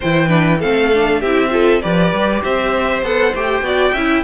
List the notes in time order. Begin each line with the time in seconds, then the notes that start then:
0.00 E3 E4 C5 G5
0.28 D4 B4
0.59 A3 C4 A4 F5
0.93 D4
1.19 C4 G4 E5
1.26 E4
1.50 F4 A4
1.81 F3 G4 B4 D5
2.12 G3
2.43 C4 C5 E5
3.02 B3 A4 F#5
3.34 A3 G4 G5
3.61 B3 F#4 D5
3.93 C#4 E4 E5